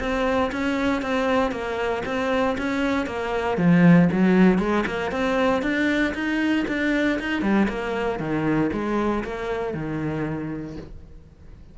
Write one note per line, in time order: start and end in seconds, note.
0.00 0.51 C4
0.52 1.02 C#4
1.02 1.52 C4
1.52 2.03 A#3
2.06 2.57 C4
2.58 3.07 C#4
3.07 3.58 A#3
3.58 4.09 F3
4.12 4.59 F#3
4.59 4.85 G#3
4.87 5.12 A#3
5.12 5.62 C4
5.62 6.14 D4
6.14 6.66 D#4
6.68 7.19 D4
7.20 7.42 D#4
7.42 7.68 G3
7.69 8.20 A#3
8.20 8.71 D#3
8.73 9.24 G#3
9.24 9.74 A#3
9.74 10.77 D#3